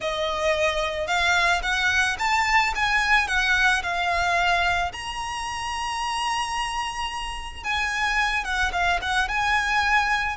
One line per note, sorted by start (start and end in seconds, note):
0.00 1.07 D#5
1.07 1.61 F5
1.62 2.16 F#5
2.18 2.73 A5
2.75 3.27 G#5
3.27 3.82 F#5
3.82 4.91 F5
4.92 7.63 A#5
7.63 8.44 G#5
8.44 8.71 F#5
8.72 8.99 F5
9.01 9.28 F#5
9.28 10.36 G#5